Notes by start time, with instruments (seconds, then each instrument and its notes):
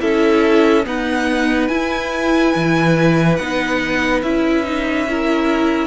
0.00 cello C#4, viola E4, violin A4 E5
0.84 viola B3, cello D#4, violin B4 F#5
1.68 viola E4, cello E4, violin G#5
2.55 cello E3
3.36 cello B3, viola D#4, violin F#5
4.22 cello C#4, viola E4, violin E5
4.64 viola D#4
5.09 viola E4, violin A#4